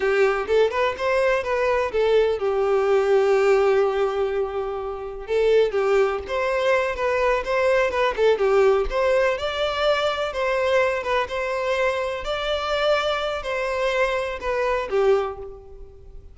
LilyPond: \new Staff \with { instrumentName = "violin" } { \time 4/4 \tempo 4 = 125 g'4 a'8 b'8 c''4 b'4 | a'4 g'2.~ | g'2. a'4 | g'4 c''4. b'4 c''8~ |
c''8 b'8 a'8 g'4 c''4 d''8~ | d''4. c''4. b'8 c''8~ | c''4. d''2~ d''8 | c''2 b'4 g'4 | }